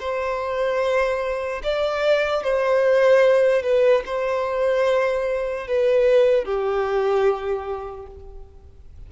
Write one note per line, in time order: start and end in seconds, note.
0.00 1.62 C5
1.64 2.44 D5
2.44 3.63 C5
3.63 4.04 B4
4.07 5.68 C5
5.68 6.45 B4
6.45 8.07 G4